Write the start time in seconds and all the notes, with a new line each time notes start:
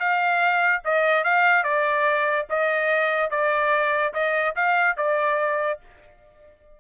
0.00 F5
0.85 D#5
1.24 F5
1.64 D5
2.50 D#5
3.31 D5
4.14 D#5
4.56 F5
4.97 D5